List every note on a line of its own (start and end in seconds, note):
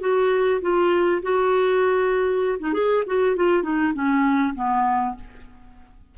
0.00 0.61 F#4
0.61 1.22 F4
1.22 2.58 F#4
2.59 2.73 D#4
2.73 3.04 G#4
3.06 3.36 F#4
3.36 3.63 F4
3.63 3.93 D#4
3.93 4.54 C#4
4.55 5.15 B3